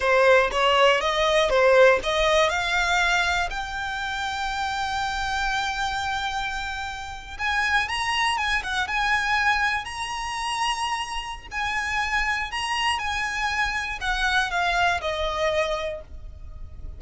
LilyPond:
\new Staff \with { instrumentName = "violin" } { \time 4/4 \tempo 4 = 120 c''4 cis''4 dis''4 c''4 | dis''4 f''2 g''4~ | g''1~ | g''2~ g''8. gis''4 ais''16~ |
ais''8. gis''8 fis''8 gis''2 ais''16~ | ais''2. gis''4~ | gis''4 ais''4 gis''2 | fis''4 f''4 dis''2 | }